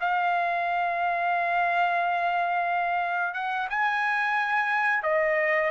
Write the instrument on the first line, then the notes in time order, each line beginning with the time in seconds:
trumpet
0.00 F5
3.34 F#5
3.70 G#5
5.03 D#5